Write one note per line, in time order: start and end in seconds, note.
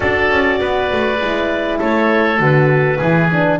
0.00 0.29 D4
0.00 1.19 F#4
0.00 0.59 A4
0.00 1.80 D5
0.29 0.59 C#4
0.60 0.91 B3
0.60 1.79 B4
0.92 1.19 A3
1.19 1.79 G#3
1.19 2.37 E4
1.79 2.39 A3
1.79 2.98 A4
1.79 2.41 C#5
2.37 2.99 D3
2.37 2.97 F#4
2.37 3.59 B4
2.98 3.59 E3
2.98 3.31 E4
2.98 3.58 G#4
3.31 3.59 D4